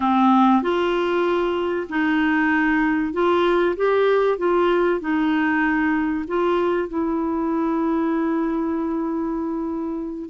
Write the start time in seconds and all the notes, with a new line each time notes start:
0.00 C4
0.62 F4
1.89 D#4
3.12 F4
3.76 G4
4.38 F4
5.00 D#4
6.27 F4
6.88 E4